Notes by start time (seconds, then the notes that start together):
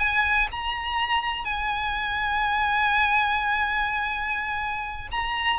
0.00 G#5
0.52 A#5
1.45 G#5
5.12 A#5